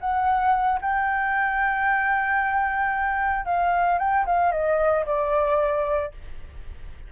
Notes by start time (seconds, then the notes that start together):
0.00 F#5
0.82 G5
3.45 F5
3.99 G5
4.26 F5
4.52 D#5
5.06 D5